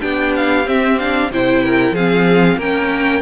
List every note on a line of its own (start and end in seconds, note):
0.00 0.67 B3
0.00 0.64 D4
0.00 1.30 G4
0.00 0.33 G5
0.36 0.68 F5
0.64 0.96 C4
0.64 1.31 C4
0.64 0.98 E5
0.98 1.32 D4
0.98 1.31 F5
1.31 1.91 C3
1.31 1.96 E4
1.31 1.64 C5
1.31 1.95 G5
1.64 1.94 A#4
1.91 2.55 F3
1.91 2.60 C4
1.91 2.58 G#4
1.91 2.60 F5
2.56 3.21 A#3
2.56 3.22 C#4
2.56 3.22 A#4
2.56 3.22 G5